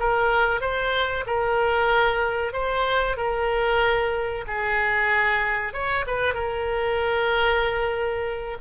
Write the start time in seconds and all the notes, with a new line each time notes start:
0.00 A#4
0.61 C5
1.27 A#4
2.53 C5
3.17 A#4
4.48 G#4
5.74 C#5
6.07 B4
6.35 A#4